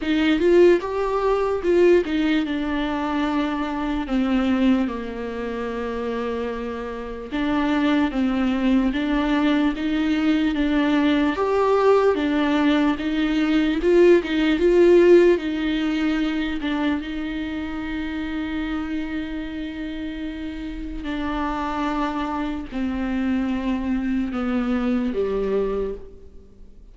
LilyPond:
\new Staff \with { instrumentName = "viola" } { \time 4/4 \tempo 4 = 74 dis'8 f'8 g'4 f'8 dis'8 d'4~ | d'4 c'4 ais2~ | ais4 d'4 c'4 d'4 | dis'4 d'4 g'4 d'4 |
dis'4 f'8 dis'8 f'4 dis'4~ | dis'8 d'8 dis'2.~ | dis'2 d'2 | c'2 b4 g4 | }